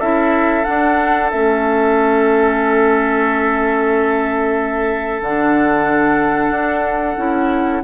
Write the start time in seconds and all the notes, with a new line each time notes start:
0.00 C#4 E4 A4 E5
0.64 D4 F#5
1.31 A3 C#4 E5
5.22 D3 D4 F#5
6.51 D4
7.18 C#4 E4